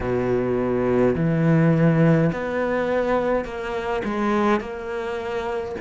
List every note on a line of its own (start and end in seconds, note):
0.00 1.15 B2
1.15 2.31 E3
2.32 3.44 B3
3.44 4.02 A#3
4.04 4.60 G#3
4.60 5.75 A#3